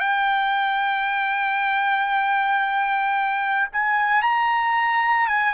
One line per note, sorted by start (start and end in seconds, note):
0.00 3.68 G5
3.73 4.22 G#5
4.22 5.28 A#5
5.28 5.55 G#5